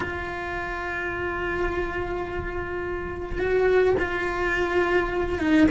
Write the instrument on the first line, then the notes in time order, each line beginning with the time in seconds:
cello
0.00 F4
3.38 F#4
3.99 F4
5.39 D#4